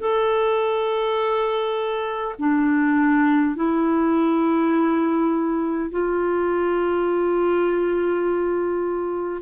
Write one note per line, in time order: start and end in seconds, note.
0.00 2.35 A4
2.39 3.56 D4
3.56 5.91 E4
5.91 9.42 F4